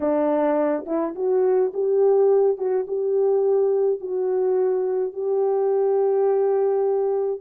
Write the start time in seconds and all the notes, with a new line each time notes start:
0.00 D4
0.86 E4
1.15 F#4
1.73 G4
2.57 F#4
2.87 G4
4.00 F#4
5.13 G4